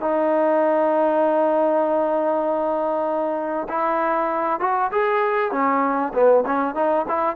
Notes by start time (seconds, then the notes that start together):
0.00 D#4
3.68 E4
4.60 F#4
4.91 G#4
5.51 C#4
6.13 B3
6.46 C#4
6.74 D#4
7.08 E4